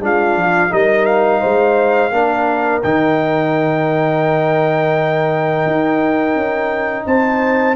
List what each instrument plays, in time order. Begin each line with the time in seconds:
0.00 tuba G#3, trombone D4, horn F4, trumpet F5
0.36 tuba F3
0.70 tuba G3, trombone D#4, horn A#4, trumpet D#5
1.05 trumpet F5
1.40 tuba G#3, horn C5
2.11 tuba A#3, trombone D4, horn A#4
2.82 tuba D#3, trombone D#4, trumpet G5
5.66 tuba D#4
6.35 tuba C#4
7.06 tuba C4, horn C5, trumpet A5